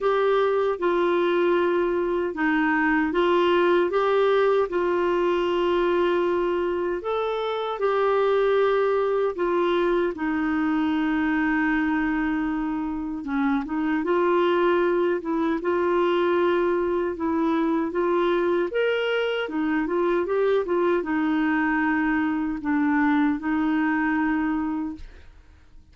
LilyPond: \new Staff \with { instrumentName = "clarinet" } { \time 4/4 \tempo 4 = 77 g'4 f'2 dis'4 | f'4 g'4 f'2~ | f'4 a'4 g'2 | f'4 dis'2.~ |
dis'4 cis'8 dis'8 f'4. e'8 | f'2 e'4 f'4 | ais'4 dis'8 f'8 g'8 f'8 dis'4~ | dis'4 d'4 dis'2 | }